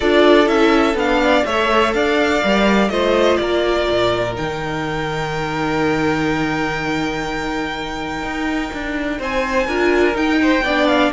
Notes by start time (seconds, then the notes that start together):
0.00 D4 F4 A4 D5
0.46 C#4 E4 E5
0.94 B3 D4 F5
1.22 D5
1.45 A3 A4 C#5 E5
1.93 D4 D5 F5
2.43 G3 A#4
2.88 A3 F4 C5 D#5
3.36 A#3 A#4 D5
3.90 A#2
4.33 D#3 D#4 G5
8.22 D#4
8.73 D4
9.18 C4 C5 G#5
9.67 D4 F4 A#4
10.13 D#4 G5
10.41 C5
10.62 B3 D4 D5
10.87 F5